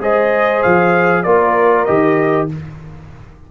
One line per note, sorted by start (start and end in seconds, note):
0.00 0.62 G#3
0.00 1.24 G#4
0.00 1.24 C5
0.00 0.62 D#5
0.62 1.25 F3
0.62 1.23 F5
1.23 1.87 A#3
1.23 1.87 F4
1.23 2.48 A#4
1.23 1.85 D5
1.85 2.51 D#3
1.85 2.49 G4
1.85 2.47 D#5